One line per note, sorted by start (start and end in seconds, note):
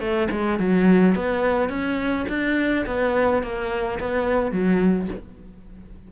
0.00 0.28 A3
0.31 0.59 G#3
0.59 1.15 F#3
1.15 1.69 B3
1.69 2.26 C#4
2.28 2.85 D4
2.86 3.42 B3
3.42 3.99 A#3
4.00 4.51 B3
4.51 5.08 F#3